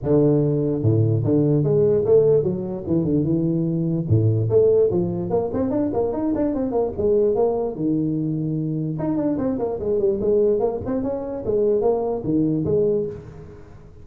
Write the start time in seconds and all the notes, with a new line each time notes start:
0.02 D3
0.82 A2
1.24 D3
1.63 G#3
2.05 A3
2.43 F#3
2.86 E3
3.04 D3
3.23 E3
4.08 A2
4.49 A3
4.91 F3
5.29 A#3
5.53 C4
5.70 D4
5.93 A#3
6.12 D#4
6.35 D4
6.54 C4
6.71 A#3
6.97 G#3
7.35 A#3
7.75 D#3
8.98 D#4
9.16 D4
9.37 C4
9.58 A#3
9.79 G#3
9.99 G3
10.20 G#3
10.59 A#3
10.85 C4
11.03 C#4
11.45 G#3
11.81 A#3
12.24 D#3
12.65 G#3